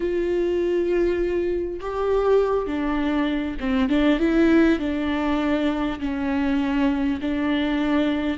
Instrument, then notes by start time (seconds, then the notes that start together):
viola
0.00 F4
1.80 G4
2.66 D4
3.59 C4
3.89 D4
4.19 E4
4.79 D4
5.99 C#4
7.21 D4